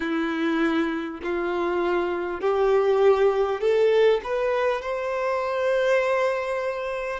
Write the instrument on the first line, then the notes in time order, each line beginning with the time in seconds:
violin
0.00 E4
1.22 F4
2.40 G4
3.60 A4
4.23 B4
4.81 C5